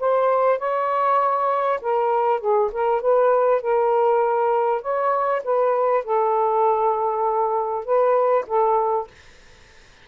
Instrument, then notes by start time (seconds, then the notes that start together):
saxophone
0.00 C5
0.59 C#5
1.81 A#4
2.40 G#4
2.72 A#4
3.02 B4
3.61 A#4
4.82 C#5
5.44 B4
6.04 A4
7.85 B4
8.47 A4